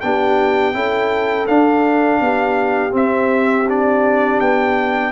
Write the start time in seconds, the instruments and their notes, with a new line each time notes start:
0.00 tuba B3, trombone D4, horn G4, trumpet G5
0.73 tuba C#4, trombone E4, horn A4
1.46 tuba D4, trombone D4, trumpet F5
2.20 tuba B3, horn G4
2.90 trombone C4, tuba C4, trumpet E5
3.68 trombone D4, trumpet D5
4.40 tuba B3, trumpet G5